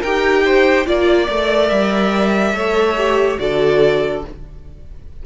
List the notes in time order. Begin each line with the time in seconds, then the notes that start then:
0.00 D#4 G4 A#4 G5
0.45 C5
0.86 A#3 F4 D5
1.29 A3 A#4
1.68 G3 E5
2.53 A3 A4 C#5
2.97 G4
3.38 D3 F#4 A4 D5